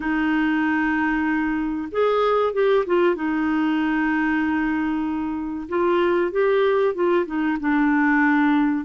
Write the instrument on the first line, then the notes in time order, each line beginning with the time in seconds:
clarinet
0.00 D#4
1.91 G#4
2.53 G4
2.86 F4
3.15 D#4
5.68 F4
6.31 G4
6.94 F4
7.26 D#4
7.60 D4